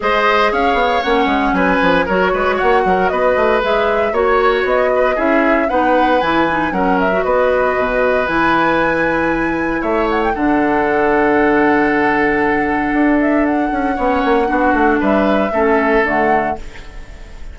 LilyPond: <<
  \new Staff \with { instrumentName = "flute" } { \time 4/4 \tempo 4 = 116 dis''4 f''4 fis''4 gis''4 | cis''4 fis''4 dis''4 e''4 | cis''4 dis''4 e''4 fis''4 | gis''4 fis''8 e''8 dis''2 |
gis''2. e''8 fis''16 g''16 | fis''1~ | fis''4. e''8 fis''2~ | fis''4 e''2 fis''4 | }
  \new Staff \with { instrumentName = "oboe" } { \time 4/4 c''4 cis''2 b'4 | ais'8 b'8 cis''8 ais'8 b'2 | cis''4. b'8 gis'4 b'4~ | b'4 ais'4 b'2~ |
b'2. cis''4 | a'1~ | a'2. cis''4 | fis'4 b'4 a'2 | }
  \new Staff \with { instrumentName = "clarinet" } { \time 4/4 gis'2 cis'2 | fis'2. gis'4 | fis'2 e'4 dis'4 | e'8 dis'8 cis'8. fis'2~ fis'16 |
e'1 | d'1~ | d'2. cis'4 | d'2 cis'4 a4 | }
  \new Staff \with { instrumentName = "bassoon" } { \time 4/4 gis4 cis'8 b8 ais8 gis8 fis8 f8 | fis8 gis8 ais8 fis8 b8 a8 gis4 | ais4 b4 cis'4 b4 | e4 fis4 b4 b,4 |
e2. a4 | d1~ | d4 d'4. cis'8 b8 ais8 | b8 a8 g4 a4 d4 | }
>>